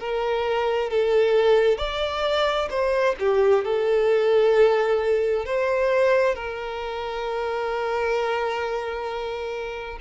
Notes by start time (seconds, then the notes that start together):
0.00 A#4
0.90 A4
1.78 D5
2.70 C5
3.20 G4
3.65 A4
5.45 C5
6.35 A#4